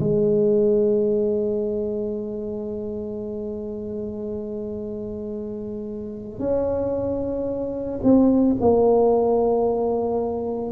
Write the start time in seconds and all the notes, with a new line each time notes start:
0.00 G#3
6.39 C#4
8.03 C4
8.61 A#3